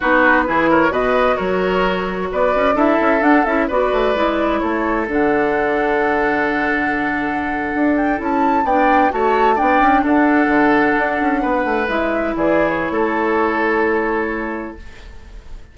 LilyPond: <<
  \new Staff \with { instrumentName = "flute" } { \time 4/4 \tempo 4 = 130 b'4. cis''8 dis''4 cis''4~ | cis''4 d''4 e''4 fis''8 e''8 | d''2 cis''4 fis''4~ | fis''1~ |
fis''4~ fis''16 g''8 a''4 g''4 a''16~ | a''8. g''4 fis''2~ fis''16~ | fis''4.~ fis''16 e''4 d''8. cis''8~ | cis''1 | }
  \new Staff \with { instrumentName = "oboe" } { \time 4/4 fis'4 gis'8 ais'8 b'4 ais'4~ | ais'4 b'4 a'2 | b'2 a'2~ | a'1~ |
a'2~ a'8. d''4 cis''16~ | cis''8. d''4 a'2~ a'16~ | a'8. b'2 gis'4~ gis'16 | a'1 | }
  \new Staff \with { instrumentName = "clarinet" } { \time 4/4 dis'4 e'4 fis'2~ | fis'2 e'4 d'8 e'8 | fis'4 e'2 d'4~ | d'1~ |
d'4.~ d'16 e'4 d'4 fis'16~ | fis'8. d'2.~ d'16~ | d'4.~ d'16 e'2~ e'16~ | e'1 | }
  \new Staff \with { instrumentName = "bassoon" } { \time 4/4 b4 e4 b,4 fis4~ | fis4 b8 cis'8 d'8 cis'8 d'8 cis'8 | b8 a8 gis4 a4 d4~ | d1~ |
d8. d'4 cis'4 b4 a16~ | a8. b8 cis'8 d'4 d4 d'16~ | d'16 cis'8 b8 a8 gis4 e4~ e16 | a1 | }
>>